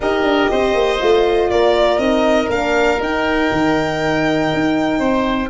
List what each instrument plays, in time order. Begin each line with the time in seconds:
0.00 tuba D#4, horn G4, oboe A#4, violin D#5
0.22 tuba D4
0.50 tuba C4, oboe C5
0.73 tuba A#3
0.99 tuba A3, horn F4
1.50 tuba A#3, oboe A#4, violin D5
1.98 tuba C4, horn D#4, violin D#5
2.48 tuba A#3, horn D4, violin F5
2.99 tuba D#4, horn D#4, violin G5
3.51 tuba D#3
4.53 tuba D#4
4.99 tuba C4, oboe C5